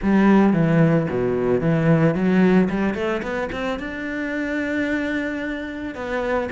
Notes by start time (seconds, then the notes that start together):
0.02 G3
0.53 E3
1.09 B2
1.60 E3
2.14 F#3
2.69 G3
2.94 A3
3.22 B3
3.52 C4
3.79 D4
5.95 B3